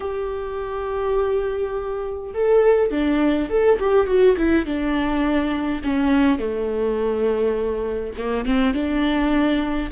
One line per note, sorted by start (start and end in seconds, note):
0.00 2.33 G4
2.34 2.90 A4
2.90 3.49 D4
3.49 3.78 A4
3.79 4.06 G4
4.06 4.35 F#4
4.37 4.65 E4
4.65 5.82 D4
5.83 6.38 C#4
6.38 8.13 A3
8.17 8.45 A#3
8.45 8.73 C4
8.73 9.89 D4